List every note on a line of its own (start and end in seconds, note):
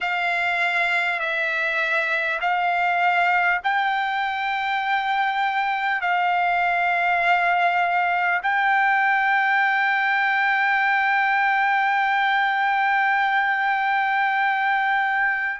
0.01 1.19 F5
1.19 2.39 E5
2.41 3.61 F5
3.63 6.01 G5
6.01 8.41 F5
8.43 15.59 G5